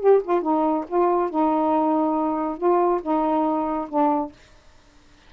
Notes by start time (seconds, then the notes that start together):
0.00 G4
0.24 F4
0.42 D#4
0.88 F4
1.30 D#4
2.58 F4
3.02 D#4
3.89 D4